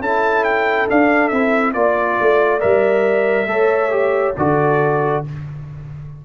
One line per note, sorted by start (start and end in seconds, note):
0.00 0.87 C#4
0.00 0.89 E4
0.00 1.75 A4
0.00 0.44 A5
0.44 0.87 G5
0.89 1.32 D4
0.89 1.28 F5
1.28 1.75 C4
1.28 1.74 E4
1.28 1.72 E5
1.73 2.18 A#3
1.73 2.60 F4
1.73 2.60 D5
1.73 3.49 D5
2.20 2.64 A3
2.60 3.46 G3
2.60 3.47 A#4
2.60 4.35 E5
3.46 4.33 A3
3.46 3.90 A4
3.46 4.38 C#5
3.90 4.34 G4
4.37 5.24 D3
4.37 5.25 F#4
4.37 5.25 A4
4.37 5.24 D5